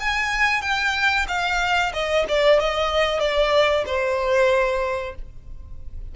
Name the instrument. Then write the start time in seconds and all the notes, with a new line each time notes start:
violin
0.00 G#5
0.62 G5
1.28 F5
1.93 D#5
2.28 D5
2.60 D#5
3.20 D5
3.86 C5